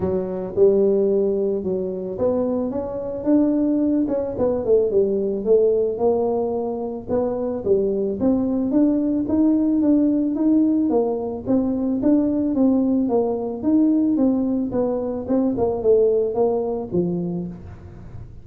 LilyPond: \new Staff \with { instrumentName = "tuba" } { \time 4/4 \tempo 4 = 110 fis4 g2 fis4 | b4 cis'4 d'4. cis'8 | b8 a8 g4 a4 ais4~ | ais4 b4 g4 c'4 |
d'4 dis'4 d'4 dis'4 | ais4 c'4 d'4 c'4 | ais4 dis'4 c'4 b4 | c'8 ais8 a4 ais4 f4 | }